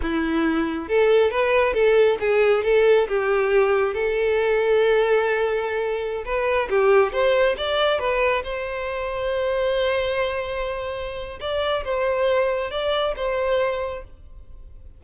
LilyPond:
\new Staff \with { instrumentName = "violin" } { \time 4/4 \tempo 4 = 137 e'2 a'4 b'4 | a'4 gis'4 a'4 g'4~ | g'4 a'2.~ | a'2~ a'16 b'4 g'8.~ |
g'16 c''4 d''4 b'4 c''8.~ | c''1~ | c''2 d''4 c''4~ | c''4 d''4 c''2 | }